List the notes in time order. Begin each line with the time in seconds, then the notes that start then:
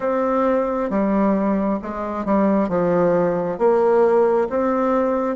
0.00 C4
0.90 G3
1.82 G#3
2.25 G3
2.69 F3
3.58 A#3
4.49 C4